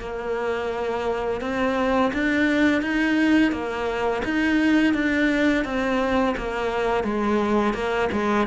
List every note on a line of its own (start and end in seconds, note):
0.00 1.41 A#3
1.41 2.11 C4
2.13 2.81 D4
2.81 3.51 D#4
3.51 4.22 A#3
4.24 4.94 D#4
4.94 5.64 D4
5.64 6.35 C4
6.37 7.04 A#3
7.04 7.74 G#3
7.74 8.09 A#3
8.12 8.47 G#3